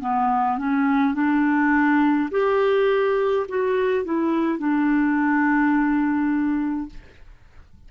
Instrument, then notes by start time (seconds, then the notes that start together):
clarinet
0.00 B3
0.58 C#4
1.14 D4
2.31 G4
3.48 F#4
4.04 E4
4.58 D4